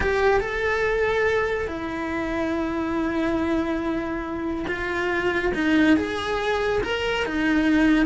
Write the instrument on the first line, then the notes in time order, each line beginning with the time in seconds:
cello
0.00 G4
0.40 A4
1.67 E4
4.67 F4
5.54 D#4
5.97 G#4
6.83 A#4
7.25 D#4